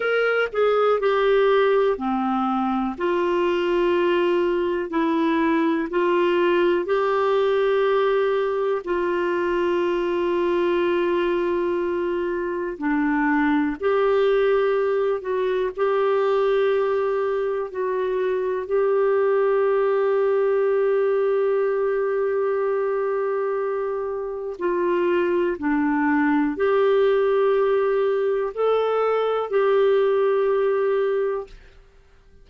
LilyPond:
\new Staff \with { instrumentName = "clarinet" } { \time 4/4 \tempo 4 = 61 ais'8 gis'8 g'4 c'4 f'4~ | f'4 e'4 f'4 g'4~ | g'4 f'2.~ | f'4 d'4 g'4. fis'8 |
g'2 fis'4 g'4~ | g'1~ | g'4 f'4 d'4 g'4~ | g'4 a'4 g'2 | }